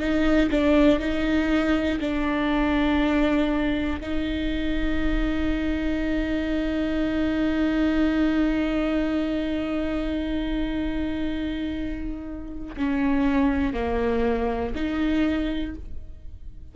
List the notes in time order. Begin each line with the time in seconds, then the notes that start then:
0.00 D#4
0.50 D4
1.00 D#4
2.00 D4
4.00 D#4
12.76 C#4
13.74 A#3
14.75 D#4